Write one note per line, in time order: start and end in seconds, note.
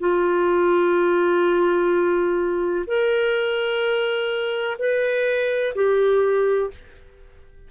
0.00 2.86 F4
2.87 4.77 A#4
4.79 5.74 B4
5.75 6.71 G4